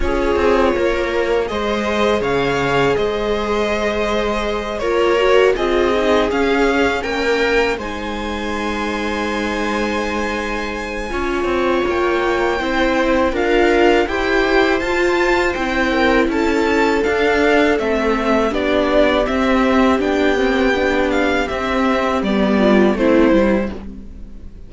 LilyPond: <<
  \new Staff \with { instrumentName = "violin" } { \time 4/4 \tempo 4 = 81 cis''2 dis''4 f''4 | dis''2~ dis''8 cis''4 dis''8~ | dis''8 f''4 g''4 gis''4.~ | gis''1 |
g''2 f''4 g''4 | a''4 g''4 a''4 f''4 | e''4 d''4 e''4 g''4~ | g''8 f''8 e''4 d''4 c''4 | }
  \new Staff \with { instrumentName = "viola" } { \time 4/4 gis'4 ais'4 c''4 cis''4 | c''2~ c''8 ais'4 gis'8~ | gis'4. ais'4 c''4.~ | c''2. cis''4~ |
cis''4 c''4 ais'4 c''4~ | c''4. ais'8 a'2~ | a'4 g'2.~ | g'2~ g'8 f'8 e'4 | }
  \new Staff \with { instrumentName = "viola" } { \time 4/4 f'2 gis'2~ | gis'2~ gis'8 f'8 fis'8 f'8 | dis'8 cis'2 dis'4.~ | dis'2. f'4~ |
f'4 e'4 f'4 g'4 | f'4 e'2 d'4 | c'4 d'4 c'4 d'8 c'8 | d'4 c'4 b4 c'8 e'8 | }
  \new Staff \with { instrumentName = "cello" } { \time 4/4 cis'8 c'8 ais4 gis4 cis4 | gis2~ gis8 ais4 c'8~ | c'8 cis'4 ais4 gis4.~ | gis2. cis'8 c'8 |
ais4 c'4 d'4 e'4 | f'4 c'4 cis'4 d'4 | a4 b4 c'4 b4~ | b4 c'4 g4 a8 g8 | }
>>